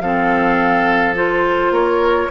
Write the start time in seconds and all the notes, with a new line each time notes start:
0.00 F3 C4 A4 F5
1.16 F4 C5
1.71 A#3 A#4 C#5